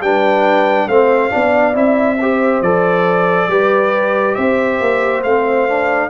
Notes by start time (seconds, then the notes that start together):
0.00 G3 D4 B4 G5
0.87 A3 C4 C5 F5
1.29 B3 D4 D5
1.73 C4 E4 E5
2.20 G4 C5
2.61 F3 A4 D5
3.47 G3 G4 B4
4.34 C4 C5 E5
4.80 A#3
5.23 A3 C4 F5
5.68 D4